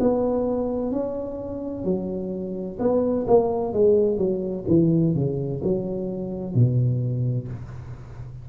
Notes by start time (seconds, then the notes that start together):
0.00 B3
0.92 C#4
1.84 F#3
2.79 B3
3.27 A#3
3.73 G#3
4.18 F#3
4.67 E3
5.14 C#3
5.63 F#3
6.54 B2